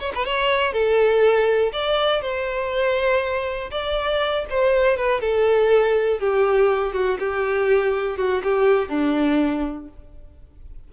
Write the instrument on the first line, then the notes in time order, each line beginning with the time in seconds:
violin
0.00 C#5
0.15 B4
0.25 C#5
0.73 A4
1.73 D5
2.22 C5
3.71 D5
4.50 C5
4.97 B4
5.21 A4
6.20 G4
6.94 F#4
7.19 G4
8.18 F#4
8.44 G4
8.89 D4